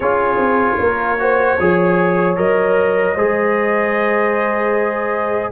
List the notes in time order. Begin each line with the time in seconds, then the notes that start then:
0.00 C#4 F4 G#4 C#5
0.37 C4
0.80 A#3 A#4
1.18 F#4 C5
1.59 F3 G#4 C#5
2.36 F#3 A#4 D#5
3.15 G#3 G#4 C5